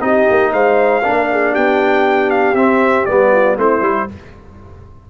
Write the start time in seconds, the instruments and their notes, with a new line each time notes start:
0.00 tuba C4, trombone D#4, horn G4, trumpet D#5
0.30 tuba A#3
0.52 tuba G#3, horn C5, trumpet F5
1.03 tuba A#3, trombone D4, horn A#4
1.31 horn G#4
1.52 tuba B3, horn G4, trumpet G5
2.30 trumpet F5
2.53 tuba C4, trombone C4, trumpet E5
3.05 tuba G3, trombone B3, trumpet D5
3.31 horn F4
3.57 tuba A3, trombone C4, horn E4, trumpet C5
3.81 tuba G3, trombone E4